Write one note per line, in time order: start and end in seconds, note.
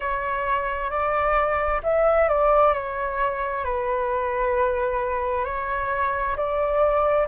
0.00 0.90 C#5
0.90 1.81 D5
1.83 2.28 E5
2.28 2.73 D5
2.73 3.64 C#5
3.64 5.45 B4
5.45 6.36 C#5
6.36 7.27 D5